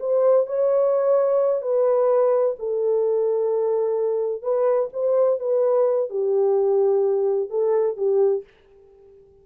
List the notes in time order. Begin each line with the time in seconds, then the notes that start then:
0.00 C5
0.47 C#5
1.62 B4
2.60 A4
4.43 B4
4.93 C5
5.40 B4
6.10 G4
7.50 A4
7.97 G4